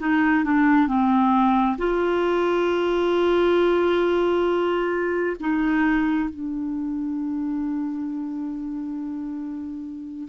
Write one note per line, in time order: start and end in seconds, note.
0.00 0.45 D#4
0.45 0.88 D4
0.88 1.77 C4
1.78 5.36 F4
5.40 6.30 D#4
6.30 10.29 D4